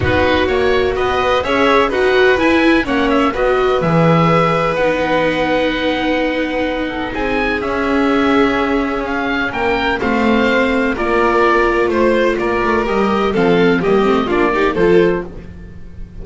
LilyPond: <<
  \new Staff \with { instrumentName = "oboe" } { \time 4/4 \tempo 4 = 126 b'4 cis''4 dis''4 e''4 | fis''4 gis''4 fis''8 e''8 dis''4 | e''2 fis''2~ | fis''2. gis''4 |
e''2. f''4 | g''4 f''2 d''4~ | d''4 c''4 d''4 dis''4 | f''4 dis''4 d''4 c''4 | }
  \new Staff \with { instrumentName = "violin" } { \time 4/4 fis'2 b'4 cis''4 | b'2 cis''4 b'4~ | b'1~ | b'2~ b'8 a'8 gis'4~ |
gis'1 | ais'4 c''2 ais'4~ | ais'4 c''4 ais'2 | a'4 g'4 f'8 g'8 a'4 | }
  \new Staff \with { instrumentName = "viola" } { \time 4/4 dis'4 fis'2 gis'4 | fis'4 e'4 cis'4 fis'4 | gis'2 dis'2~ | dis'1 |
cis'1~ | cis'4 c'2 f'4~ | f'2. g'4 | c'4 ais8 c'8 d'8 dis'8 f'4 | }
  \new Staff \with { instrumentName = "double bass" } { \time 4/4 b4 ais4 b4 cis'4 | dis'4 e'4 ais4 b4 | e2 b2~ | b2. c'4 |
cis'1 | ais4 a2 ais4~ | ais4 a4 ais8 a8 g4 | f4 g8 a8 ais4 f4 | }
>>